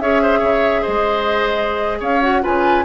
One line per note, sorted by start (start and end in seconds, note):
0.00 0.42 C#4
0.00 2.22 G#4
0.00 0.23 C#5
0.00 0.84 E5
0.23 0.39 C5
0.39 0.84 C#3
0.39 0.82 C#5
0.82 2.01 G#3
0.82 1.98 C5
0.82 2.00 D#5
2.00 2.43 C#4
2.00 2.42 C#5
2.00 2.22 F5
2.22 2.42 F#4
2.22 2.44 F#5
2.42 2.85 C#3
2.42 2.84 F4
2.42 2.85 B4
2.42 2.85 G#5